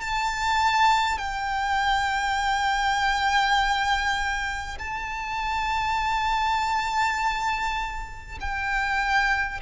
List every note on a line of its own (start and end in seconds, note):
0.00 1.18 A5
1.18 4.78 G5
4.78 8.38 A5
8.40 9.60 G5